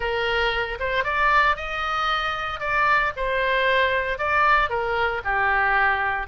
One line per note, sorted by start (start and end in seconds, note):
0.00 0.78 A#4
0.79 1.04 C5
1.04 1.56 D5
1.56 2.60 D#5
2.60 3.12 D5
3.16 4.18 C5
4.18 4.69 D5
4.69 5.21 A#4
5.24 6.27 G4